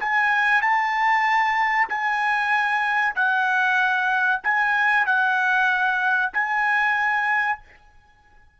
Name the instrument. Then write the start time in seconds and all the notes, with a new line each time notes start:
trumpet
0.00 G#5
0.61 A5
1.89 G#5
3.15 F#5
4.44 G#5
5.06 F#5
6.33 G#5